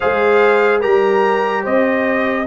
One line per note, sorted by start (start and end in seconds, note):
0.00 0.85 G#3
0.00 0.81 G#4
0.00 0.79 C5
0.00 0.81 F5
0.79 1.65 G3
0.79 2.45 G4
0.79 1.62 A#4
0.79 1.64 A#5
1.63 2.47 C4
1.63 2.46 C5
1.63 2.47 D#5